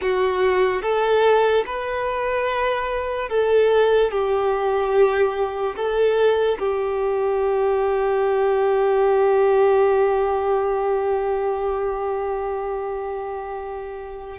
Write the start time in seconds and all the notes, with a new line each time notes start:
0.01 F#4
0.82 A4
1.66 B4
3.29 A4
4.11 G4
5.76 A4
6.58 G4